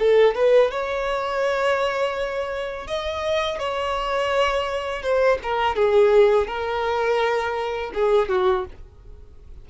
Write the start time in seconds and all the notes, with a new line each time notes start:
0.00 A4
0.35 B4
0.71 C#5
2.88 D#5
3.59 C#5
5.03 C5
5.43 A#4
5.76 G#4
6.48 A#4
7.95 G#4
8.29 F#4